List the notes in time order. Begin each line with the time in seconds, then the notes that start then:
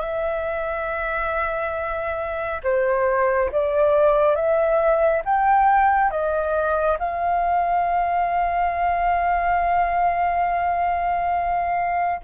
0.00 E5
2.63 C5
3.52 D5
4.35 E5
5.25 G5
6.10 D#5
6.99 F5